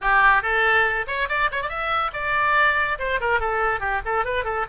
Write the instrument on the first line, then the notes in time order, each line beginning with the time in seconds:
oboe
0.01 G4
0.42 A4
1.07 C#5
1.28 D5
1.51 C#5
1.62 D5
1.68 E5
2.13 D5
2.98 C5
3.20 A#4
3.40 A4
3.80 G4
4.05 A4
4.24 B4
4.44 A4